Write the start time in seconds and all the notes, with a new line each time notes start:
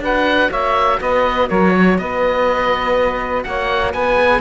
0.00 D4 F#4 B4 F#5
0.50 A#3 C#5 E5
1.00 B3 B4 D#5
1.48 F#3 A#4 C#5
1.77 C#5
1.98 B3 B4 D#5
3.44 A#3 C#5 F#5
3.92 B3 B4 G#5
4.16 G#4